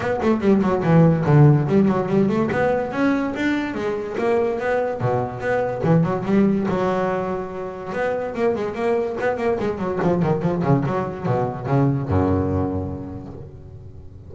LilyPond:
\new Staff \with { instrumentName = "double bass" } { \time 4/4 \tempo 4 = 144 b8 a8 g8 fis8 e4 d4 | g8 fis8 g8 a8 b4 cis'4 | d'4 gis4 ais4 b4 | b,4 b4 e8 fis8 g4 |
fis2. b4 | ais8 gis8 ais4 b8 ais8 gis8 fis8 | f8 dis8 f8 cis8 fis4 b,4 | cis4 fis,2. | }